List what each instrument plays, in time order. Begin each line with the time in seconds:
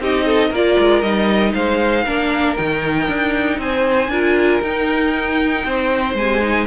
0.00 cello C4, viola D#4, violin G4 D#5
0.26 violin A4
0.50 cello A#3, viola F4, violin A#4 D5
0.79 cello G#3
1.01 cello G3, viola D#4, violin D#5
1.54 cello G#3, violin C5 F5
2.04 cello A#3, viola D4, violin A#4
2.56 cello D#3, viola D#4, violin G5
3.08 cello D4
3.58 cello C4, violin C5 G#5
4.08 cello D4, viola F4, violin A#4
4.61 cello D#4, viola D#4, violin G5
5.64 cello C4, violin C5
6.14 viola C3, cello G#3, violin G#5
6.41 viola D#4